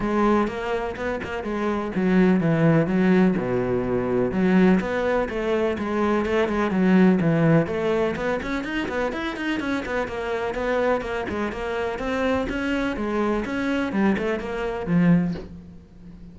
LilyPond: \new Staff \with { instrumentName = "cello" } { \time 4/4 \tempo 4 = 125 gis4 ais4 b8 ais8 gis4 | fis4 e4 fis4 b,4~ | b,4 fis4 b4 a4 | gis4 a8 gis8 fis4 e4 |
a4 b8 cis'8 dis'8 b8 e'8 dis'8 | cis'8 b8 ais4 b4 ais8 gis8 | ais4 c'4 cis'4 gis4 | cis'4 g8 a8 ais4 f4 | }